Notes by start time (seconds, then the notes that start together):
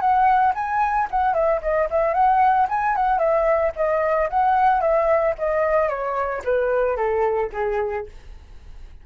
0.00 F#5
0.54 G#5
1.11 F#5
1.34 E5
1.62 D#5
1.90 E5
2.14 F#5
2.69 G#5
2.96 F#5
3.19 E5
3.76 D#5
4.30 F#5
4.81 E5
5.38 D#5
5.89 C#5
6.44 B4
6.96 A4
7.52 G#4